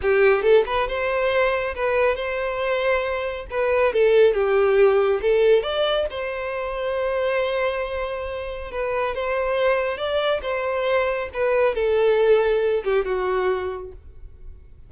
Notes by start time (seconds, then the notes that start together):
0.02 G4
0.42 A4
0.66 B4
0.88 C5
1.75 B4
2.15 C5
3.50 B4
3.93 A4
4.33 G4
5.21 A4
5.63 D5
6.10 C5
8.71 B4
9.14 C5
9.97 D5
10.42 C5
11.33 B4
11.75 A4
12.84 G4
13.05 F#4